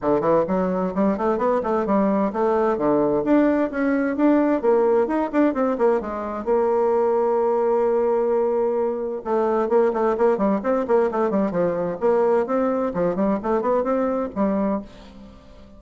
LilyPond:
\new Staff \with { instrumentName = "bassoon" } { \time 4/4 \tempo 4 = 130 d8 e8 fis4 g8 a8 b8 a8 | g4 a4 d4 d'4 | cis'4 d'4 ais4 dis'8 d'8 | c'8 ais8 gis4 ais2~ |
ais1 | a4 ais8 a8 ais8 g8 c'8 ais8 | a8 g8 f4 ais4 c'4 | f8 g8 a8 b8 c'4 g4 | }